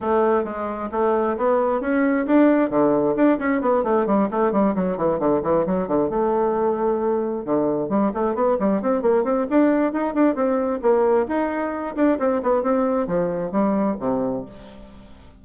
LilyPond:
\new Staff \with { instrumentName = "bassoon" } { \time 4/4 \tempo 4 = 133 a4 gis4 a4 b4 | cis'4 d'4 d4 d'8 cis'8 | b8 a8 g8 a8 g8 fis8 e8 d8 | e8 fis8 d8 a2~ a8~ |
a8 d4 g8 a8 b8 g8 c'8 | ais8 c'8 d'4 dis'8 d'8 c'4 | ais4 dis'4. d'8 c'8 b8 | c'4 f4 g4 c4 | }